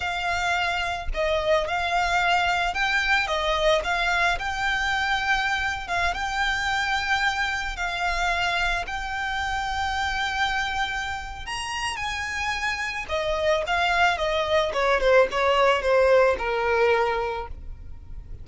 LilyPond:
\new Staff \with { instrumentName = "violin" } { \time 4/4 \tempo 4 = 110 f''2 dis''4 f''4~ | f''4 g''4 dis''4 f''4 | g''2~ g''8. f''8 g''8.~ | g''2~ g''16 f''4.~ f''16~ |
f''16 g''2.~ g''8.~ | g''4 ais''4 gis''2 | dis''4 f''4 dis''4 cis''8 c''8 | cis''4 c''4 ais'2 | }